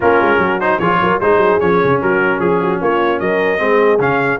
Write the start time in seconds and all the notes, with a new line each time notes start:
0.00 A#3 C#4 F4 A#4
0.21 G#3
0.37 F#3 F#4
0.60 D#4 C5
0.78 F3 F4 G#4 C#5
1.01 F#3 A#4
1.20 G#3 D#4 G#4 C5
1.37 F#3
1.60 F3 C#4 C#5
1.83 C#3
2.01 F#3 F#4 A#4
2.39 F3 G#4
2.60 F#4
2.80 A#3 F4 C#5
3.19 F#3 A#4 D#5
3.58 G#3 C4 G#4
3.99 C#3 C#4 F5